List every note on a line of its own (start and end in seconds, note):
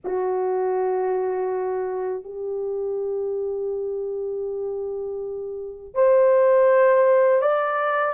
0.04 2.24 F#4
2.24 5.94 G4
5.94 7.41 C5
7.41 8.13 D5